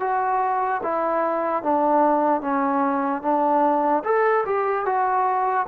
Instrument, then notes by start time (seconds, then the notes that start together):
trombone
0.00 F#4
0.83 E4
1.63 D4
2.41 C#4
3.22 D4
4.04 A4
4.45 G4
4.85 F#4